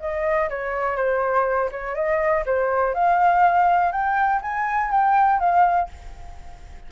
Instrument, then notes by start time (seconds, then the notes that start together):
flute
0.00 D#5
0.50 C#5
0.96 C5
1.72 C#5
1.95 D#5
2.46 C5
2.95 F5
3.92 G5
4.42 G#5
4.91 G5
5.40 F5